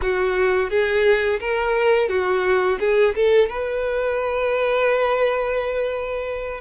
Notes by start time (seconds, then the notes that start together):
0.01 F#4
0.70 G#4
1.40 A#4
2.08 F#4
2.79 G#4
3.15 A4
3.49 B4